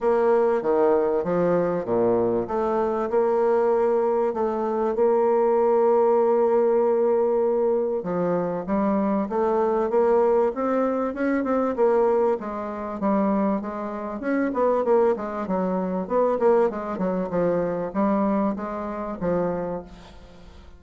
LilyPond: \new Staff \with { instrumentName = "bassoon" } { \time 4/4 \tempo 4 = 97 ais4 dis4 f4 ais,4 | a4 ais2 a4 | ais1~ | ais4 f4 g4 a4 |
ais4 c'4 cis'8 c'8 ais4 | gis4 g4 gis4 cis'8 b8 | ais8 gis8 fis4 b8 ais8 gis8 fis8 | f4 g4 gis4 f4 | }